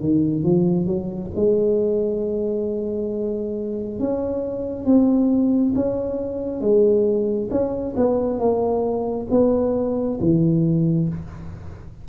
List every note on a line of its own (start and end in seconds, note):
0.00 0.43 D#3
0.43 0.86 F3
0.86 1.30 F#3
1.36 3.99 G#3
3.99 4.85 C#4
4.85 5.74 C4
5.75 6.61 C#4
6.61 7.49 G#3
7.50 7.95 C#4
7.97 8.39 B3
8.39 9.27 A#3
9.30 10.19 B3
10.20 11.08 E3